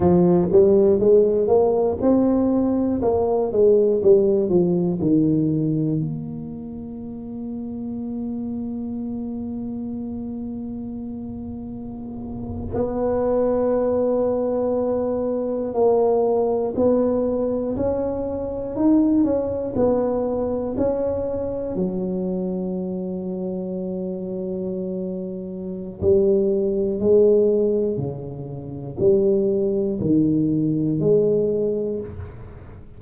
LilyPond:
\new Staff \with { instrumentName = "tuba" } { \time 4/4 \tempo 4 = 60 f8 g8 gis8 ais8 c'4 ais8 gis8 | g8 f8 dis4 ais2~ | ais1~ | ais8. b2. ais16~ |
ais8. b4 cis'4 dis'8 cis'8 b16~ | b8. cis'4 fis2~ fis16~ | fis2 g4 gis4 | cis4 g4 dis4 gis4 | }